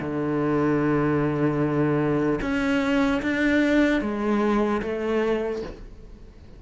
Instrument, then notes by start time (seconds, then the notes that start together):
cello
0.00 D3
2.41 C#4
3.23 D4
4.01 G#3
4.82 A3